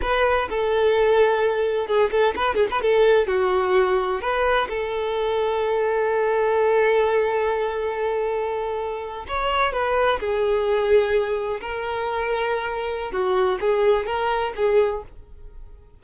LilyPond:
\new Staff \with { instrumentName = "violin" } { \time 4/4 \tempo 4 = 128 b'4 a'2. | gis'8 a'8 b'8 gis'16 b'16 a'4 fis'4~ | fis'4 b'4 a'2~ | a'1~ |
a'2.~ a'8. cis''16~ | cis''8. b'4 gis'2~ gis'16~ | gis'8. ais'2.~ ais'16 | fis'4 gis'4 ais'4 gis'4 | }